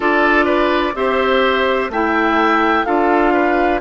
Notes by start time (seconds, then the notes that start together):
0.00 D4 F4 A4 D5
0.45 B4
0.94 C4 G4 C5 E5
1.89 A3 E4 E5 G5
2.84 D4 F4 A4 F5
3.33 B4